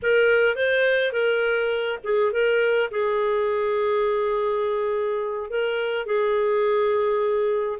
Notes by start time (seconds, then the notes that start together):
0.02 A#4
0.55 C5
1.12 A#4
2.03 G#4
2.32 A#4
2.90 G#4
5.50 A#4
6.06 G#4